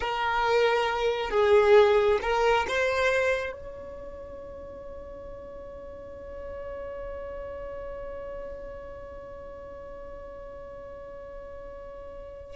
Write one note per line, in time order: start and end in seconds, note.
0.00 1.30 A#4
1.30 2.18 G#4
2.22 2.66 A#4
2.68 3.52 C5
3.52 12.56 C#5